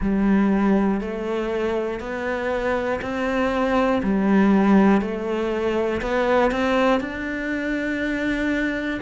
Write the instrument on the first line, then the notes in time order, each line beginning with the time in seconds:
cello
0.00 G3
1.00 A3
2.00 B3
3.01 C4
4.02 G3
5.00 A3
6.01 B3
6.51 C4
7.00 D4